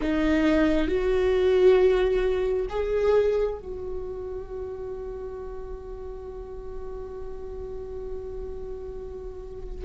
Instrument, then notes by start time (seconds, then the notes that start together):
viola
0.01 D#4
0.87 F#4
2.69 G#4
3.58 F#4